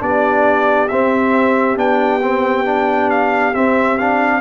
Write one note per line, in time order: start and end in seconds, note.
0.00 0.90 B3
0.00 0.88 D4
0.00 4.42 G4
0.00 0.89 D5
0.89 1.77 C4
0.89 1.77 E5
1.77 3.53 B3
1.77 2.21 D4
1.77 3.10 G5
2.22 2.66 C4
2.66 3.54 D4
3.10 3.55 F5
3.55 3.99 C4
3.55 4.42 C4
3.55 3.98 E5
3.98 4.42 D4
3.98 4.42 F5